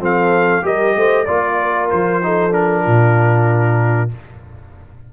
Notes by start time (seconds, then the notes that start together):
0.00 F3 C4 A4 F5
0.62 G3 G4 A#4 D#5
0.96 A3 C5
1.26 A#3 F4 D5
1.62 A#4
1.90 F3 C5
2.23 D#4 A4
2.51 D4 A#4
2.84 A#2 F4